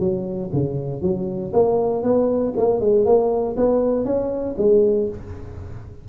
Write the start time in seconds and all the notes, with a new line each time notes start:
0.00 F#3
0.53 C#3
1.02 F#3
1.53 A#3
2.04 B3
2.58 A#3
2.80 G#3
3.06 A#3
3.57 B3
4.05 C#4
4.58 G#3